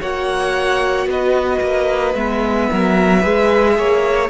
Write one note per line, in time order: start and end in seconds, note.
0.00 1.06 A#3
0.00 2.15 F#4
0.00 1.07 C#5
0.00 1.08 F#5
1.06 1.60 B3
1.06 2.70 B4
1.06 2.15 D#5
1.60 2.14 A#3
2.14 2.68 G#3
2.14 3.21 B3
2.14 4.29 E5
2.70 3.24 F#3
2.70 3.19 A#4
3.19 3.78 G#3
3.19 4.28 G#4
3.19 3.73 B4
3.77 4.29 A#3
3.77 4.29 C#5